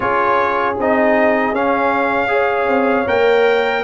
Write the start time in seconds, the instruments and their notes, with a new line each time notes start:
0.00 tuba C#4, trombone F4, horn G#4, trumpet C#5
0.77 tuba C4, trombone D#4, trumpet D#5
1.52 tuba C#4, trombone C#4, trumpet F5
2.27 trombone G#4, horn C#5
2.68 tuba C4
3.07 tuba A#3, trombone A#4, trumpet G5